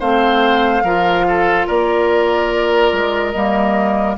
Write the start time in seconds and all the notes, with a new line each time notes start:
0.00 A3 C4 C5 F5
0.83 F3 F4 A#4
1.29 A4
1.67 A#3 A#4 D5
2.93 G#3
3.32 G3 A#3 D#5